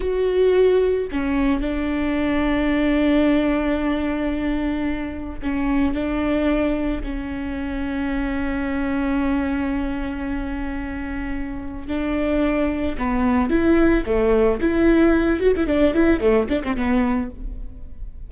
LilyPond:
\new Staff \with { instrumentName = "viola" } { \time 4/4 \tempo 4 = 111 fis'2 cis'4 d'4~ | d'1~ | d'2 cis'4 d'4~ | d'4 cis'2.~ |
cis'1~ | cis'2 d'2 | b4 e'4 a4 e'4~ | e'8 fis'16 e'16 d'8 e'8 a8 d'16 c'16 b4 | }